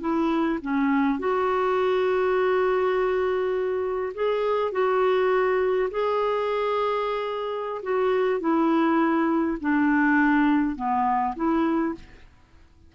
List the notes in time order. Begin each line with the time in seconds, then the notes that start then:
0.00 E4
0.61 C#4
1.19 F#4
4.14 G#4
4.72 F#4
5.90 G#4
7.82 F#4
8.40 E4
9.60 D4
10.76 B3
11.36 E4